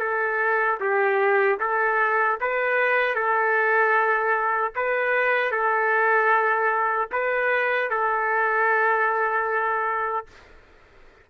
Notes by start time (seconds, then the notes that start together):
0.00 A4
0.81 G4
1.60 A4
2.41 B4
3.15 A4
4.76 B4
5.52 A4
7.12 B4
7.91 A4